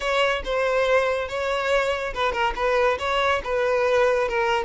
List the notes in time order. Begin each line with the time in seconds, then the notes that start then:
0.00 C#5
0.44 C5
1.28 C#5
2.14 B4
2.32 A#4
2.55 B4
2.99 C#5
3.44 B4
4.28 A#4